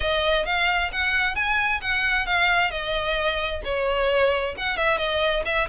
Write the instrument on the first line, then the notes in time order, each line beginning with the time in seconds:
violin
0.00 D#5
0.45 F5
0.92 F#5
1.35 G#5
1.81 F#5
2.26 F5
2.70 D#5
3.64 C#5
4.57 F#5
4.76 E5
4.97 D#5
5.45 E5